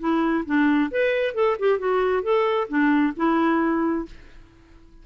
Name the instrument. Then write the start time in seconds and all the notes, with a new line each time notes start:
clarinet
0.00 E4
0.46 D4
0.91 B4
1.35 A4
1.59 G4
1.79 F#4
2.23 A4
2.69 D4
3.16 E4